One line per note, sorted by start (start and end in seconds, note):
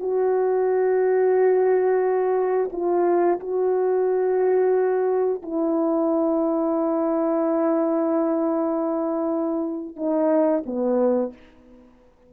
0.00 2.70 F#4
2.72 3.40 F4
3.40 5.42 F#4
5.42 9.96 E4
9.96 10.64 D#4
10.66 11.33 B3